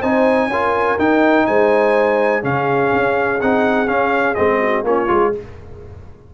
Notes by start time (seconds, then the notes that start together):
0.00 C4 D#4 C5 G#5
0.48 C#4 F4 A#4
0.99 D#4 G5
1.47 G#3 C5 G#5
2.42 C#3 C#4 G#4 F5
2.93 C#4
3.41 C4 D#4 F#5
3.87 C#4 F5
4.35 G#3 C4 D#5
4.60 F#4
4.84 A#3 C#4 F4 C#5
5.08 G#3 F4